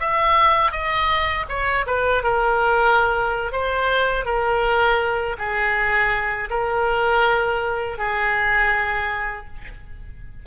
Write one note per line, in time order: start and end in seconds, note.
0.00 0.71 E5
0.71 1.45 D#5
1.48 1.85 C#5
1.86 2.23 B4
2.23 3.52 A#4
3.52 4.25 C5
4.25 5.36 A#4
5.38 6.49 G#4
6.50 7.98 A#4
7.98 9.46 G#4